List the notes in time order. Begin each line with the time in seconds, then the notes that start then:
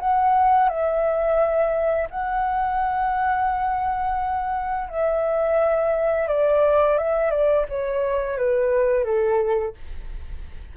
0.00 F#5
0.69 E5
2.11 F#5
4.89 E5
6.28 D5
6.98 E5
7.31 D5
7.70 C#5
8.38 B4
9.05 A4